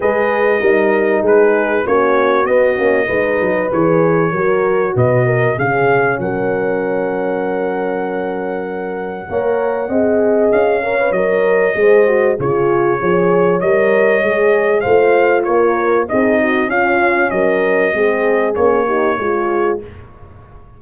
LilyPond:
<<
  \new Staff \with { instrumentName = "trumpet" } { \time 4/4 \tempo 4 = 97 dis''2 b'4 cis''4 | dis''2 cis''2 | dis''4 f''4 fis''2~ | fis''1~ |
fis''4 f''4 dis''2 | cis''2 dis''2 | f''4 cis''4 dis''4 f''4 | dis''2 cis''2 | }
  \new Staff \with { instrumentName = "horn" } { \time 4/4 b'4 ais'4 gis'4 fis'4~ | fis'4 b'2 ais'4 | b'8 ais'8 gis'4 ais'2~ | ais'2. cis''4 |
dis''4. cis''4. c''4 | gis'4 cis''2. | c''4 ais'4 gis'8 fis'8 f'4 | ais'4 gis'4. g'8 gis'4 | }
  \new Staff \with { instrumentName = "horn" } { \time 4/4 gis'4 dis'2 cis'4 | b8 cis'8 dis'4 gis'4 fis'4~ | fis'4 cis'2.~ | cis'2. ais'4 |
gis'4. ais'16 b'16 ais'4 gis'8 fis'8 | f'4 gis'4 ais'4 gis'4 | f'2 dis'4 cis'4~ | cis'4 c'4 cis'8 dis'8 f'4 | }
  \new Staff \with { instrumentName = "tuba" } { \time 4/4 gis4 g4 gis4 ais4 | b8 ais8 gis8 fis8 e4 fis4 | b,4 cis4 fis2~ | fis2. ais4 |
c'4 cis'4 fis4 gis4 | cis4 f4 g4 gis4 | a4 ais4 c'4 cis'4 | fis4 gis4 ais4 gis4 | }
>>